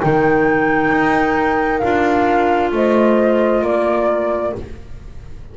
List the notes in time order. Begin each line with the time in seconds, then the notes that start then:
0.00 D#3 D#4 A#4 G5
0.91 D#4
1.78 D4 F4 F5
2.71 A3 C5 D#5
3.61 A#3 A#4 D5